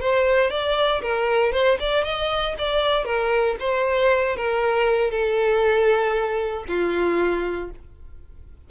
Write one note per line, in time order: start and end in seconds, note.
0.00 0.50 C5
0.50 1.02 D5
1.02 1.52 A#4
1.52 1.78 C5
1.79 2.04 D5
2.04 2.55 D#5
2.58 3.05 D5
3.05 3.56 A#4
3.59 4.36 C5
4.36 5.11 A#4
5.11 6.65 A4
6.68 7.70 F4